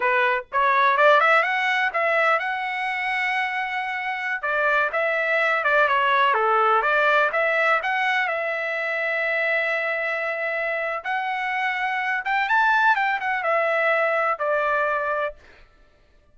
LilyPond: \new Staff \with { instrumentName = "trumpet" } { \time 4/4 \tempo 4 = 125 b'4 cis''4 d''8 e''8 fis''4 | e''4 fis''2.~ | fis''4~ fis''16 d''4 e''4. d''16~ | d''16 cis''4 a'4 d''4 e''8.~ |
e''16 fis''4 e''2~ e''8.~ | e''2. fis''4~ | fis''4. g''8 a''4 g''8 fis''8 | e''2 d''2 | }